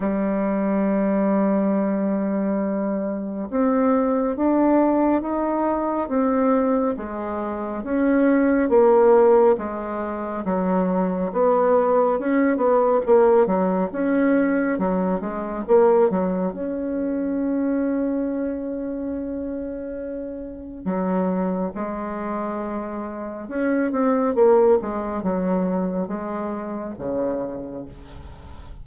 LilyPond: \new Staff \with { instrumentName = "bassoon" } { \time 4/4 \tempo 4 = 69 g1 | c'4 d'4 dis'4 c'4 | gis4 cis'4 ais4 gis4 | fis4 b4 cis'8 b8 ais8 fis8 |
cis'4 fis8 gis8 ais8 fis8 cis'4~ | cis'1 | fis4 gis2 cis'8 c'8 | ais8 gis8 fis4 gis4 cis4 | }